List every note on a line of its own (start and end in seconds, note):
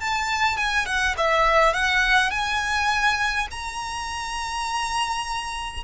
0.00 0.57 A5
0.57 0.86 G#5
0.86 1.15 F#5
1.17 1.73 E5
1.73 2.31 F#5
2.31 3.47 G#5
3.51 5.84 A#5